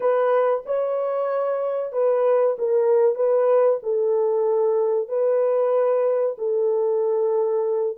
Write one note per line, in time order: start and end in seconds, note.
0.00 0.63 B4
0.65 1.92 C#5
1.92 2.56 B4
2.58 3.15 A#4
3.15 3.79 B4
3.82 5.08 A4
5.08 6.35 B4
6.38 7.97 A4